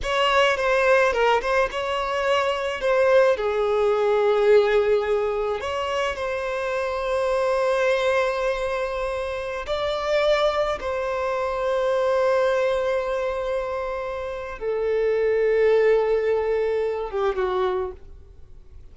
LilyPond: \new Staff \with { instrumentName = "violin" } { \time 4/4 \tempo 4 = 107 cis''4 c''4 ais'8 c''8 cis''4~ | cis''4 c''4 gis'2~ | gis'2 cis''4 c''4~ | c''1~ |
c''4~ c''16 d''2 c''8.~ | c''1~ | c''2 a'2~ | a'2~ a'8 g'8 fis'4 | }